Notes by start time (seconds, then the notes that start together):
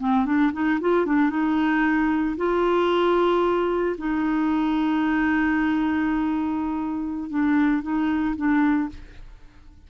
0.00 C4
0.26 D4
0.53 D#4
0.81 F4
1.06 D4
1.30 D#4
2.37 F4
3.98 D#4
7.30 D4
7.83 D#4
8.37 D4